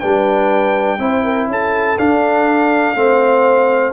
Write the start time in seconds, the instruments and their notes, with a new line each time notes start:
0.00 tuba G3, trombone D4, horn B4, trumpet G5
0.99 tuba C4, trombone E4, horn C5
1.24 horn A#4
1.48 tuba C#4, horn A4, trumpet A5
1.98 trombone D4, tuba D4, trumpet F5
2.95 tuba A3, trombone C4, horn C5